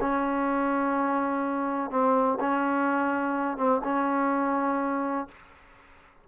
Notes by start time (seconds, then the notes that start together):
0.00 C#4
1.90 C4
2.39 C#4
3.57 C4
3.83 C#4